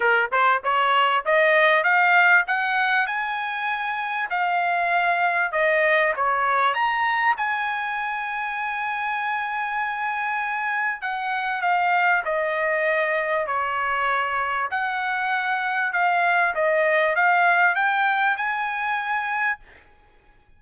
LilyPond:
\new Staff \with { instrumentName = "trumpet" } { \time 4/4 \tempo 4 = 98 ais'8 c''8 cis''4 dis''4 f''4 | fis''4 gis''2 f''4~ | f''4 dis''4 cis''4 ais''4 | gis''1~ |
gis''2 fis''4 f''4 | dis''2 cis''2 | fis''2 f''4 dis''4 | f''4 g''4 gis''2 | }